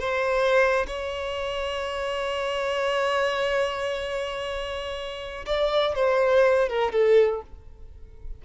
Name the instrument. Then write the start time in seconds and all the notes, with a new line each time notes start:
violin
0.00 C5
0.87 C#5
5.46 D5
5.95 C5
6.69 A#4
6.93 A4